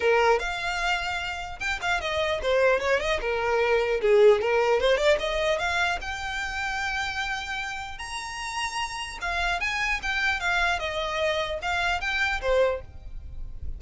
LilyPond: \new Staff \with { instrumentName = "violin" } { \time 4/4 \tempo 4 = 150 ais'4 f''2. | g''8 f''8 dis''4 c''4 cis''8 dis''8 | ais'2 gis'4 ais'4 | c''8 d''8 dis''4 f''4 g''4~ |
g''1 | ais''2. f''4 | gis''4 g''4 f''4 dis''4~ | dis''4 f''4 g''4 c''4 | }